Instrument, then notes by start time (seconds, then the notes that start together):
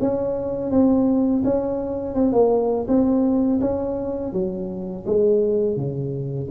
tuba
0.00 C#4
0.70 C4
1.44 C#4
2.15 C4
2.33 A#3
2.88 C4
3.60 C#4
4.32 F#3
5.06 G#3
5.77 C#3